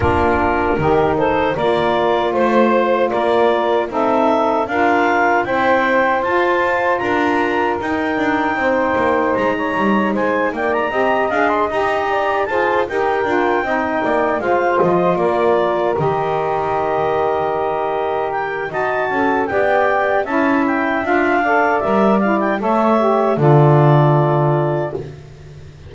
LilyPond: <<
  \new Staff \with { instrumentName = "clarinet" } { \time 4/4 \tempo 4 = 77 ais'4. c''8 d''4 c''4 | d''4 e''4 f''4 g''4 | a''4 ais''4 g''2 | ais''4 gis''8 g''16 ais''8. f''16 c'''16 ais''4 |
a''8 g''2 f''8 dis''8 d''8~ | d''8 dis''2. g''8 | a''4 g''4 a''8 g''8 f''4 | e''8 f''16 g''16 e''4 d''2 | }
  \new Staff \with { instrumentName = "saxophone" } { \time 4/4 f'4 g'8 a'8 ais'4 c''4 | ais'4 a'4 ais'4 c''4~ | c''4 ais'2 c''4~ | c''16 cis''8. c''8 d''8 dis''4. d''8 |
c''8 ais'4 dis''8 d''8 c''4 ais'8~ | ais'1 | dis''8 a'8 d''4 e''4. d''8~ | d''4 cis''4 a'2 | }
  \new Staff \with { instrumentName = "saxophone" } { \time 4/4 d'4 dis'4 f'2~ | f'4 dis'4 f'4 c'4 | f'2 dis'2~ | dis'2 g'8 gis'8 g'4 |
gis'8 g'8 f'8 dis'4 f'4.~ | f'8 g'2.~ g'8 | fis'4 g'4 e'4 f'8 a'8 | ais'8 e'8 a'8 g'8 f'2 | }
  \new Staff \with { instrumentName = "double bass" } { \time 4/4 ais4 dis4 ais4 a4 | ais4 c'4 d'4 e'4 | f'4 d'4 dis'8 d'8 c'8 ais8 | gis8 g8 gis8 ais8 c'8 d'8 dis'4 |
f'8 dis'8 d'8 c'8 ais8 gis8 f8 ais8~ | ais8 dis2.~ dis8 | dis'8 cis'8 b4 cis'4 d'4 | g4 a4 d2 | }
>>